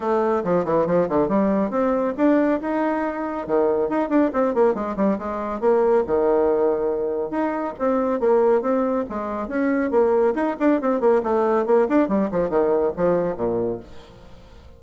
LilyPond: \new Staff \with { instrumentName = "bassoon" } { \time 4/4 \tempo 4 = 139 a4 f8 e8 f8 d8 g4 | c'4 d'4 dis'2 | dis4 dis'8 d'8 c'8 ais8 gis8 g8 | gis4 ais4 dis2~ |
dis4 dis'4 c'4 ais4 | c'4 gis4 cis'4 ais4 | dis'8 d'8 c'8 ais8 a4 ais8 d'8 | g8 f8 dis4 f4 ais,4 | }